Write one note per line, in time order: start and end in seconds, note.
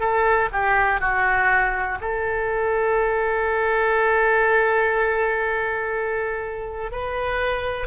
0.00 0.49 A4
0.52 1.00 G4
1.00 1.99 F#4
2.01 6.91 A4
6.91 7.87 B4